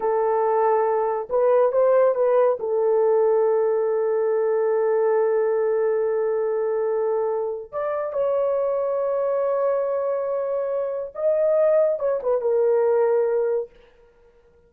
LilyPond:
\new Staff \with { instrumentName = "horn" } { \time 4/4 \tempo 4 = 140 a'2. b'4 | c''4 b'4 a'2~ | a'1~ | a'1~ |
a'2 d''4 cis''4~ | cis''1~ | cis''2 dis''2 | cis''8 b'8 ais'2. | }